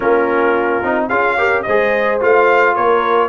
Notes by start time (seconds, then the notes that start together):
0.00 A#3 C#4 F4 A#4
0.83 C4 D#4
1.08 C#4 F4 G#4 F5
1.37 G4 A#4
1.62 G#3 C5 D#5
1.68 G#4
2.20 A3 F4 F5
2.75 A#3 A#4 C#5